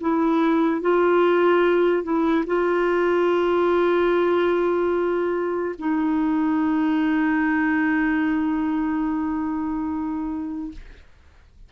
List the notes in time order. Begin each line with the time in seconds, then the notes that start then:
0.00 E4
0.81 F4
2.03 E4
2.46 F4
5.78 D#4